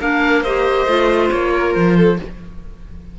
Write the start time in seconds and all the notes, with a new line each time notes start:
0.00 A#3 D4 A#4 F5
0.42 G4 C5 D#5
0.86 A3 F4
1.30 A#3 C#5
1.54 A#4
1.74 F3 C5
1.97 A4